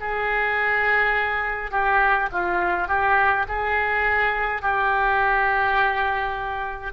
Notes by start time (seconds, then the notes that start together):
0.00 G#4
1.71 G4
2.32 F4
2.88 G4
3.48 G#4
4.62 G4